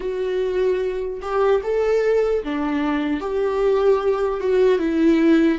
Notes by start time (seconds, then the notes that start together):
0.00 F#4
1.21 G4
1.63 A4
2.43 D4
3.20 G4
4.40 F#4
4.78 E4